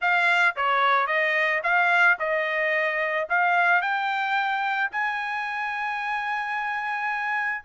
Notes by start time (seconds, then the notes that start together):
0.01 F5
0.56 C#5
1.07 D#5
1.63 F5
2.19 D#5
3.29 F5
3.81 G5
4.91 G#5